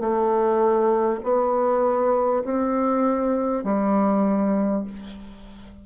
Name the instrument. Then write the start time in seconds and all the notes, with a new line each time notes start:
bassoon
0.00 A3
1.23 B3
2.44 C4
3.63 G3